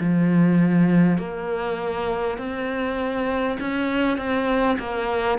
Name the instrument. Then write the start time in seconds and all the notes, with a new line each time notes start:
cello
0.00 F3
1.18 A#3
2.39 C4
3.61 C#4
4.18 C4
4.79 A#3